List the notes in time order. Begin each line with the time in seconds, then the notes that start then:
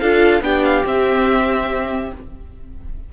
0.00 D4 F4 A4 F5
0.41 B3 D4 G4 G5
0.64 F5
0.84 C4 E5